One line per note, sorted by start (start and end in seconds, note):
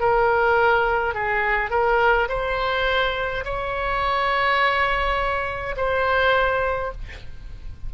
0.00 1.14 A#4
1.14 1.70 G#4
1.70 2.28 A#4
2.29 3.44 C5
3.45 5.75 C#5
5.76 6.92 C5